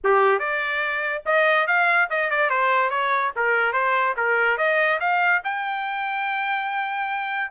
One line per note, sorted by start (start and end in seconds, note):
0.04 0.39 G4
0.39 1.22 D5
1.25 1.67 D#5
1.67 2.08 F5
2.10 2.30 D#5
2.30 2.50 D5
2.50 2.90 C5
2.90 3.31 C#5
3.35 3.73 A#4
3.73 4.14 C5
4.16 4.57 A#4
4.57 4.99 D#5
4.99 5.41 F5
5.44 7.51 G5